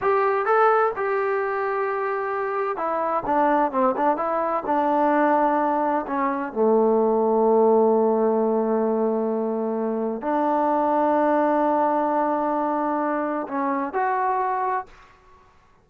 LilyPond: \new Staff \with { instrumentName = "trombone" } { \time 4/4 \tempo 4 = 129 g'4 a'4 g'2~ | g'2 e'4 d'4 | c'8 d'8 e'4 d'2~ | d'4 cis'4 a2~ |
a1~ | a2 d'2~ | d'1~ | d'4 cis'4 fis'2 | }